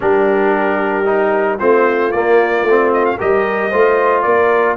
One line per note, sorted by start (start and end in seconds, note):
0.00 1.60 G3
0.00 1.05 D4
0.00 1.59 G4
0.00 1.59 A#4
1.05 1.58 D#4
1.59 2.13 A3
1.59 2.12 C4
1.59 3.17 F4
1.59 2.11 C5
2.11 2.63 A#3
2.11 2.68 A#3
2.11 2.91 D5
2.63 3.16 A3
2.63 3.18 C4
2.93 3.05 D#5
3.05 3.18 F5
3.17 3.73 G3
3.17 3.71 G4
3.17 3.70 A#4
3.17 4.22 D#5
3.70 4.25 A3
3.70 4.76 F4
3.70 4.23 C5
4.22 4.76 A#3
4.22 4.76 A#4
4.22 4.75 D5